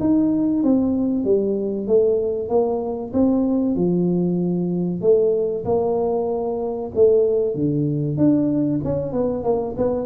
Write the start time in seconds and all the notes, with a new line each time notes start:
0.00 D#4
0.63 C4
1.24 G3
1.87 A3
2.49 A#3
3.13 C4
3.76 F3
5.01 A3
5.65 A#3
6.95 A3
7.55 D3
8.17 D4
8.84 C#4
9.12 B3
9.44 A#3
9.77 B3